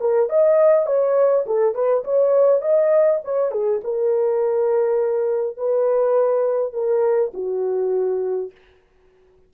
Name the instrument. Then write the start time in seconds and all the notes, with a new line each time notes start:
horn
0.00 A#4
0.29 D#5
0.86 C#5
1.46 A4
1.74 B4
2.04 C#5
2.61 D#5
3.24 C#5
3.51 G#4
3.83 A#4
5.57 B4
6.73 A#4
7.34 F#4